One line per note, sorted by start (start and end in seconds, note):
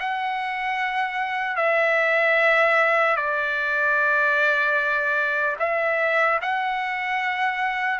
0.00 1.57 F#5
1.57 3.17 E5
3.17 5.57 D5
5.60 6.40 E5
6.42 8.00 F#5